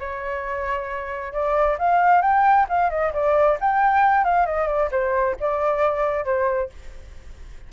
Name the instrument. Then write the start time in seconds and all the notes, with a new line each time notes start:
flute
0.00 C#5
1.33 D5
1.79 F5
2.22 G5
2.69 F5
2.90 D#5
3.13 D5
3.61 G5
4.25 F5
4.47 D#5
4.68 D5
4.92 C5
5.40 D5
6.25 C5